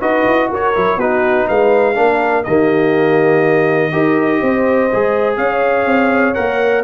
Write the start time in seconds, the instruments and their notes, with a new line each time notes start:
0.00 tuba D#4, trombone F#4, horn B4, trumpet D#5
0.26 tuba E4
0.49 tuba F#4, horn A#4, trumpet C#5
0.74 tuba F#3, trombone E4
0.96 tuba B3, trombone D#4, horn F#4, trumpet B4
1.46 tuba G#3, horn B4, trumpet F5
1.94 tuba A#3, trombone D4, horn A#4
2.43 tuba D#3, trombone A#3, horn G4, trumpet D#5
3.91 tuba D#4, trombone G4, horn A#4
4.40 tuba C4, horn C5
4.92 tuba G#3, trombone G#4
5.37 tuba C#4, horn C#5, trumpet F5
5.85 tuba C4
6.34 tuba A#3, trombone A#4, trumpet F#5